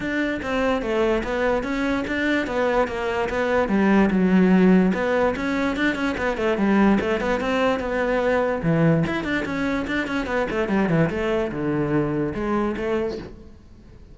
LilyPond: \new Staff \with { instrumentName = "cello" } { \time 4/4 \tempo 4 = 146 d'4 c'4 a4 b4 | cis'4 d'4 b4 ais4 | b4 g4 fis2 | b4 cis'4 d'8 cis'8 b8 a8 |
g4 a8 b8 c'4 b4~ | b4 e4 e'8 d'8 cis'4 | d'8 cis'8 b8 a8 g8 e8 a4 | d2 gis4 a4 | }